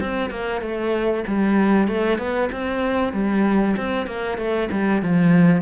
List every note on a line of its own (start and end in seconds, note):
0.00 0.30 C4
0.30 0.61 A#3
0.61 1.24 A3
1.27 1.88 G3
1.88 2.18 A3
2.18 2.49 B3
2.52 3.13 C4
3.13 3.76 G3
3.77 4.07 C4
4.07 4.38 A#3
4.38 4.69 A3
4.71 5.02 G3
5.02 5.62 F3